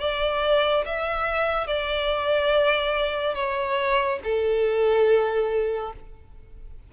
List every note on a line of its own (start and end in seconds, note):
0.00 0.85 D5
0.85 1.67 E5
1.67 3.35 D5
3.35 4.19 C#5
4.24 5.93 A4